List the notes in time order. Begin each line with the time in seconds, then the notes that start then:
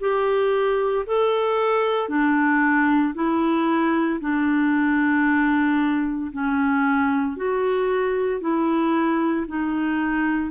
0.00 G4
1.07 A4
2.09 D4
3.14 E4
4.21 D4
6.32 C#4
7.36 F#4
8.41 E4
9.47 D#4